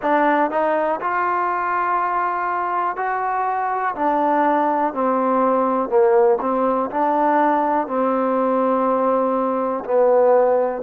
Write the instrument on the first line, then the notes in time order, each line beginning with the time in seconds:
trombone
0.02 D4
0.51 D#4
1.00 F4
2.96 F#4
3.95 D4
4.93 C4
5.89 A#3
6.40 C4
6.90 D4
7.87 C4
9.84 B3